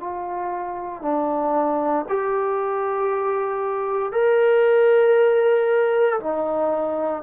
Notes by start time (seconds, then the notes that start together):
0.00 F4
1.03 D4
2.09 G4
4.13 A#4
6.21 D#4